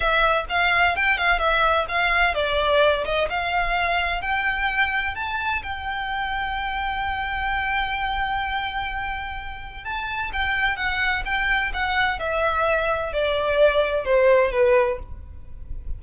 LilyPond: \new Staff \with { instrumentName = "violin" } { \time 4/4 \tempo 4 = 128 e''4 f''4 g''8 f''8 e''4 | f''4 d''4. dis''8 f''4~ | f''4 g''2 a''4 | g''1~ |
g''1~ | g''4 a''4 g''4 fis''4 | g''4 fis''4 e''2 | d''2 c''4 b'4 | }